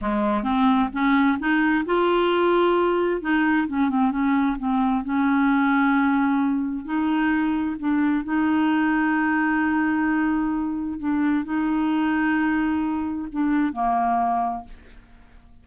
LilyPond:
\new Staff \with { instrumentName = "clarinet" } { \time 4/4 \tempo 4 = 131 gis4 c'4 cis'4 dis'4 | f'2. dis'4 | cis'8 c'8 cis'4 c'4 cis'4~ | cis'2. dis'4~ |
dis'4 d'4 dis'2~ | dis'1 | d'4 dis'2.~ | dis'4 d'4 ais2 | }